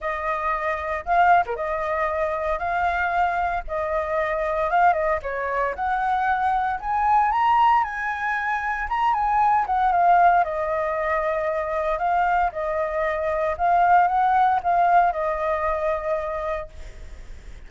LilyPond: \new Staff \with { instrumentName = "flute" } { \time 4/4 \tempo 4 = 115 dis''2 f''8. ais'16 dis''4~ | dis''4 f''2 dis''4~ | dis''4 f''8 dis''8 cis''4 fis''4~ | fis''4 gis''4 ais''4 gis''4~ |
gis''4 ais''8 gis''4 fis''8 f''4 | dis''2. f''4 | dis''2 f''4 fis''4 | f''4 dis''2. | }